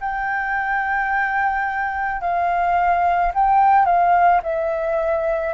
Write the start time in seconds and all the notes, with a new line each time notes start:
0.00 G5
2.21 F5
3.34 G5
3.85 F5
4.42 E5